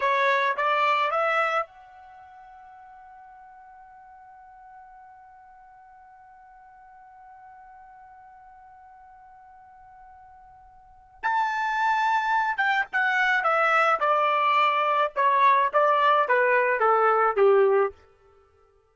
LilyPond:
\new Staff \with { instrumentName = "trumpet" } { \time 4/4 \tempo 4 = 107 cis''4 d''4 e''4 fis''4~ | fis''1~ | fis''1~ | fis''1~ |
fis''1 | a''2~ a''8 g''8 fis''4 | e''4 d''2 cis''4 | d''4 b'4 a'4 g'4 | }